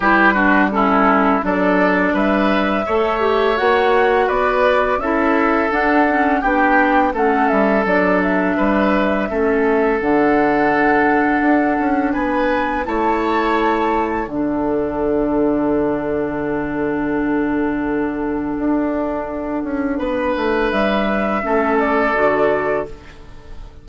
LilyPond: <<
  \new Staff \with { instrumentName = "flute" } { \time 4/4 \tempo 4 = 84 b'4 a'4 d''4 e''4~ | e''4 fis''4 d''4 e''4 | fis''4 g''4 fis''8 e''8 d''8 e''8~ | e''2 fis''2~ |
fis''4 gis''4 a''2 | fis''1~ | fis''1~ | fis''4 e''4. d''4. | }
  \new Staff \with { instrumentName = "oboe" } { \time 4/4 g'8 fis'8 e'4 a'4 b'4 | cis''2 b'4 a'4~ | a'4 g'4 a'2 | b'4 a'2.~ |
a'4 b'4 cis''2 | a'1~ | a'1 | b'2 a'2 | }
  \new Staff \with { instrumentName = "clarinet" } { \time 4/4 e'8 d'8 cis'4 d'2 | a'8 g'8 fis'2 e'4 | d'8 cis'8 d'4 cis'4 d'4~ | d'4 cis'4 d'2~ |
d'2 e'2 | d'1~ | d'1~ | d'2 cis'4 fis'4 | }
  \new Staff \with { instrumentName = "bassoon" } { \time 4/4 g2 fis4 g4 | a4 ais4 b4 cis'4 | d'4 b4 a8 g8 fis4 | g4 a4 d2 |
d'8 cis'8 b4 a2 | d1~ | d2 d'4. cis'8 | b8 a8 g4 a4 d4 | }
>>